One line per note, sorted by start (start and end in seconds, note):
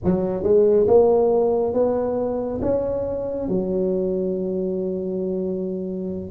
0.04 0.43 F#3
0.43 0.86 G#3
0.87 1.73 A#3
1.73 2.60 B3
2.61 3.48 C#4
3.48 6.30 F#3